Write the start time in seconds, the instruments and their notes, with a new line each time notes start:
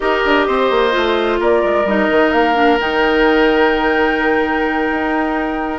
0.00 bassoon D#4, clarinet G4, oboe A#4, flute D#5
0.24 bassoon D4
0.47 bassoon C4, oboe C5
0.70 bassoon A#3
0.91 bassoon A3, clarinet F4
1.39 bassoon A#3, oboe A#4, flute D5
1.64 bassoon G#3
1.84 bassoon G3, clarinet D#4, flute D#5
2.10 bassoon D#3
2.32 bassoon A#3, flute F5
2.54 clarinet D4
2.80 bassoon D#3, clarinet D#4, flute G5
4.90 bassoon D#4